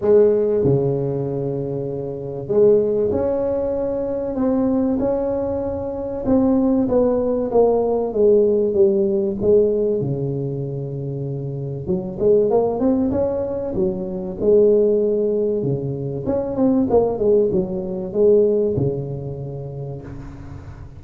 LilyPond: \new Staff \with { instrumentName = "tuba" } { \time 4/4 \tempo 4 = 96 gis4 cis2. | gis4 cis'2 c'4 | cis'2 c'4 b4 | ais4 gis4 g4 gis4 |
cis2. fis8 gis8 | ais8 c'8 cis'4 fis4 gis4~ | gis4 cis4 cis'8 c'8 ais8 gis8 | fis4 gis4 cis2 | }